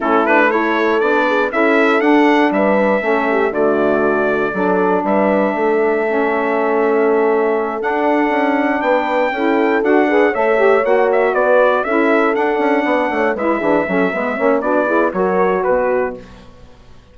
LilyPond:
<<
  \new Staff \with { instrumentName = "trumpet" } { \time 4/4 \tempo 4 = 119 a'8 b'8 cis''4 d''4 e''4 | fis''4 e''2 d''4~ | d''2 e''2~ | e''2.~ e''8 fis''8~ |
fis''4. g''2 fis''8~ | fis''8 e''4 fis''8 e''8 d''4 e''8~ | e''8 fis''2 e''4.~ | e''4 d''4 cis''4 b'4 | }
  \new Staff \with { instrumentName = "horn" } { \time 4/4 e'4 a'4. gis'8 a'4~ | a'4 b'4 a'8 g'8 fis'4~ | fis'4 a'4 b'4 a'4~ | a'1~ |
a'4. b'4 a'4. | b'8 cis''2 b'4 a'8~ | a'4. d''8 cis''8 b'8 gis'8 a'8 | b'8 cis''8 fis'8 gis'8 ais'4 b'4 | }
  \new Staff \with { instrumentName = "saxophone" } { \time 4/4 cis'8 d'8 e'4 d'4 e'4 | d'2 cis'4 a4~ | a4 d'2. | cis'2.~ cis'8 d'8~ |
d'2~ d'8 e'4 fis'8 | gis'8 a'8 g'8 fis'2 e'8~ | e'8 d'2 e'8 d'8 cis'8 | b8 cis'8 d'8 e'8 fis'2 | }
  \new Staff \with { instrumentName = "bassoon" } { \time 4/4 a2 b4 cis'4 | d'4 g4 a4 d4~ | d4 fis4 g4 a4~ | a2.~ a8 d'8~ |
d'8 cis'4 b4 cis'4 d'8~ | d'8 a4 ais4 b4 cis'8~ | cis'8 d'8 cis'8 b8 a8 gis8 e8 fis8 | gis8 ais8 b4 fis4 b,4 | }
>>